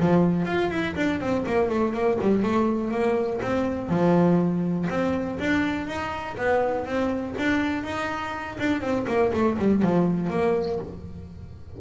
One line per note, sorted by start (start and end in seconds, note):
0.00 0.46 F3
0.46 0.71 F4
0.71 0.96 E4
0.96 1.21 D4
1.21 1.45 C4
1.46 1.70 A#3
1.70 1.94 A3
1.94 2.19 A#3
2.21 2.43 G3
2.43 2.92 A3
2.92 3.41 A#3
3.42 3.90 C4
3.90 4.88 F3
4.90 5.39 C4
5.40 5.87 D4
5.87 6.37 D#4
6.38 6.86 B3
6.86 7.35 C4
7.39 7.84 D4
7.84 8.58 D#4
8.60 8.82 D4
8.82 9.06 C4
9.08 9.32 A#3
9.34 9.58 A3
9.59 9.83 G3
9.83 10.31 F3
10.31 10.80 A#3